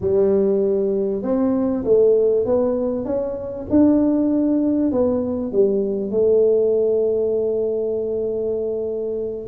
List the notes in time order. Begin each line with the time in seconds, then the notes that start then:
0.00 G3
1.22 C4
1.84 A3
2.45 B3
3.05 C#4
3.70 D4
4.91 B3
5.52 G3
6.10 A3